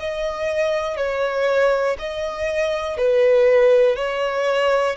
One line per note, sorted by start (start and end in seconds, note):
0.00 0.97 D#5
0.97 1.97 C#5
1.99 2.97 D#5
2.97 3.96 B4
3.96 4.96 C#5